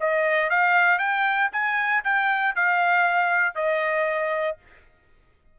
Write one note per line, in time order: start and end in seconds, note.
0.00 0.50 D#5
0.50 0.99 F5
0.99 1.50 G5
1.52 2.03 G#5
2.04 2.55 G5
2.55 3.55 F5
3.55 4.58 D#5